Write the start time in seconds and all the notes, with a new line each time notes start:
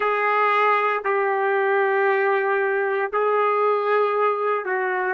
0.00 G#4
1.04 G4
3.12 G#4
4.65 F#4